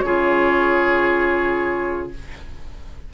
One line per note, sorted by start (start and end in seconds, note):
0.00 2.12 C#3
0.00 2.14 F4
0.00 2.13 G#4
0.00 2.08 C#5